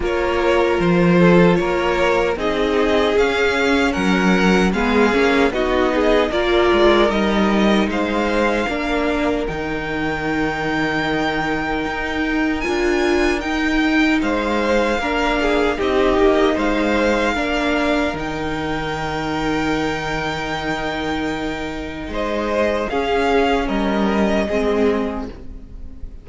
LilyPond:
<<
  \new Staff \with { instrumentName = "violin" } { \time 4/4 \tempo 4 = 76 cis''4 c''4 cis''4 dis''4 | f''4 fis''4 f''4 dis''4 | d''4 dis''4 f''2 | g''1 |
gis''4 g''4 f''2 | dis''4 f''2 g''4~ | g''1 | dis''4 f''4 dis''2 | }
  \new Staff \with { instrumentName = "violin" } { \time 4/4 ais'4. a'8 ais'4 gis'4~ | gis'4 ais'4 gis'4 fis'8 gis'8 | ais'2 c''4 ais'4~ | ais'1~ |
ais'2 c''4 ais'8 gis'8 | g'4 c''4 ais'2~ | ais'1 | c''4 gis'4 ais'4 gis'4 | }
  \new Staff \with { instrumentName = "viola" } { \time 4/4 f'2. dis'4 | cis'2 b8 cis'8 dis'4 | f'4 dis'2 d'4 | dis'1 |
f'4 dis'2 d'4 | dis'2 d'4 dis'4~ | dis'1~ | dis'4 cis'2 c'4 | }
  \new Staff \with { instrumentName = "cello" } { \time 4/4 ais4 f4 ais4 c'4 | cis'4 fis4 gis8 ais8 b4 | ais8 gis8 g4 gis4 ais4 | dis2. dis'4 |
d'4 dis'4 gis4 ais4 | c'8 ais8 gis4 ais4 dis4~ | dis1 | gis4 cis'4 g4 gis4 | }
>>